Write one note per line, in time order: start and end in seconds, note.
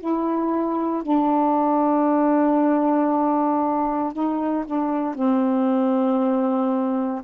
0.00 1.03 E4
1.03 4.13 D4
4.13 4.65 D#4
4.66 5.15 D4
5.15 7.22 C4